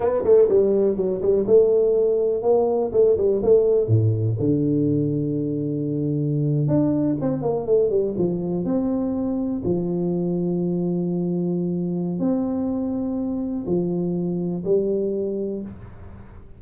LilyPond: \new Staff \with { instrumentName = "tuba" } { \time 4/4 \tempo 4 = 123 b8 a8 g4 fis8 g8 a4~ | a4 ais4 a8 g8 a4 | a,4 d2.~ | d4.~ d16 d'4 c'8 ais8 a16~ |
a16 g8 f4 c'2 f16~ | f1~ | f4 c'2. | f2 g2 | }